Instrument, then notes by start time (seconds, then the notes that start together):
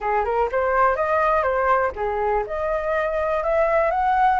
flute
0.00 G#4
0.24 A#4
0.51 C5
0.95 D#5
1.42 C5
1.95 G#4
2.47 D#5
3.43 E5
3.90 F#5